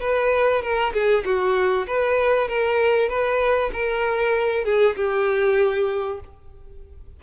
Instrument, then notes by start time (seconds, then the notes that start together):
violin
0.00 B4
0.62 A#4
0.93 G#4
1.25 F#4
1.87 B4
2.48 A#4
3.09 B4
3.73 A#4
4.64 G#4
4.96 G4